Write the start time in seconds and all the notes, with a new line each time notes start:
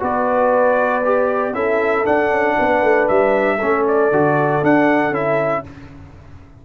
0.00 B3 F#4 B4 D5
1.05 G4
1.54 C#4 E4 A4 E5
2.05 D4 F#5
2.30 C#4
2.59 B3 B4
2.83 A3
3.09 G3 E5
3.58 A3 C#4 A4
3.88 D5
4.12 D3 F#4
4.63 D4 F#5
5.11 C#4 E4 E5